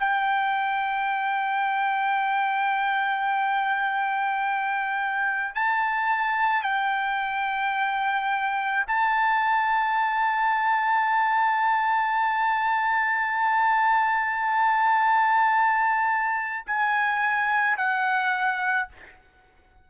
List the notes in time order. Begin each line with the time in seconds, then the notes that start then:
0.00 G5
5.55 A5
6.63 G5
8.88 A5
16.67 G#5
17.78 F#5